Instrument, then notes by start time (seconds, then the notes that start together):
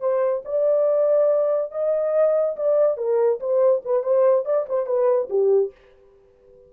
horn
0.00 C5
0.45 D5
1.72 D#5
2.56 D5
2.97 A#4
3.40 C5
3.85 B4
4.03 C5
4.45 D5
4.69 C5
4.86 B4
5.30 G4